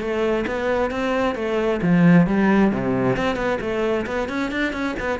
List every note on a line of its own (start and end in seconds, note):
0.00 0.45 A3
0.47 0.91 B3
0.91 1.35 C4
1.35 1.80 A3
1.82 2.27 F3
2.27 2.71 G3
2.71 3.16 C3
3.16 3.36 C4
3.36 3.58 B3
3.60 4.06 A3
4.06 4.29 B3
4.29 4.51 C#4
4.51 4.73 D4
4.73 4.95 C#4
5.00 5.19 B3